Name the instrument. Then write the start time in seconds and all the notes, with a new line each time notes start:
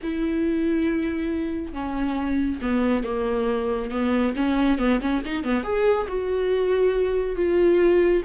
viola
0.02 E4
1.72 C#4
2.61 B3
3.03 A#3
3.90 B3
4.36 C#4
4.78 B3
5.00 C#4
5.25 D#4
5.43 B3
5.63 G#4
6.08 F#4
7.36 F4